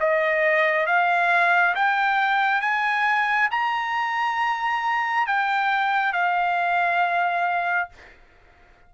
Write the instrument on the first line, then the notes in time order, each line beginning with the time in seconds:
trumpet
0.00 D#5
0.86 F5
1.75 G5
2.61 G#5
3.51 A#5
5.27 G5
6.12 F5